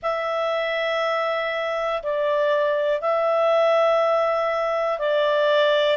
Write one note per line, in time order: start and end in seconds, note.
0.02 2.02 E5
2.02 3.00 D5
3.00 4.99 E5
4.99 5.97 D5